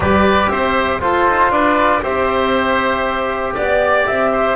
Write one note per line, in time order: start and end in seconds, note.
0.00 0.50 G3
0.00 0.99 G4
0.00 0.51 B4
0.00 0.49 D5
0.49 1.01 C4
0.49 1.02 C5
0.49 0.99 E5
1.00 2.01 F4
1.00 1.27 F4
1.00 1.52 A4
1.00 1.51 C5
1.27 1.50 D#4
1.50 2.01 D4
1.50 2.03 B4
1.50 2.01 D5
2.02 3.54 C4
2.02 4.56 G4
2.02 3.54 C5
2.02 3.55 E5
3.54 4.07 B3
3.54 4.30 D5
3.54 4.06 D5
4.06 4.56 C4
4.06 4.56 E5
4.32 4.56 C5